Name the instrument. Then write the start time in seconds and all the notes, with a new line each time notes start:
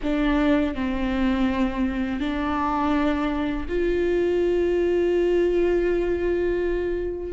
viola
0.02 D4
0.74 C4
2.20 D4
3.68 F4